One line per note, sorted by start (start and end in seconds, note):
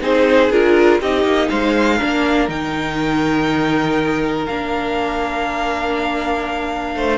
0.00 0.50 C4
0.00 0.50 D#4
0.00 1.00 G#4
0.00 0.51 C5
0.50 1.00 D4
0.50 1.01 F4
0.50 1.01 A#4
1.00 1.24 C4
1.00 1.99 D#4
1.00 1.49 G4
1.00 1.49 D#5
1.24 1.49 A#3
1.49 2.01 G#3
1.49 1.96 C5
1.49 2.48 F5
1.96 2.48 A#3
1.96 2.48 D4
1.96 6.92 A#4
2.48 4.46 D#3
2.48 4.47 D#4
2.48 4.46 G5
4.46 6.95 A#3
4.46 7.18 D4
4.46 7.18 F5
6.95 7.18 A3
6.95 7.18 C5